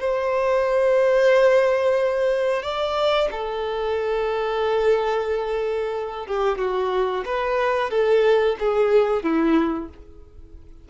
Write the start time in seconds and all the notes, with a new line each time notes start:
0.00 C5
2.63 D5
3.31 A4
6.26 G4
6.58 F#4
7.25 B4
7.90 A4
8.59 G#4
9.22 E4